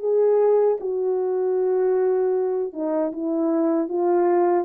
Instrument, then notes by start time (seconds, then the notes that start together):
horn
0.00 G#4
0.80 F#4
2.73 D#4
3.13 E4
3.89 F4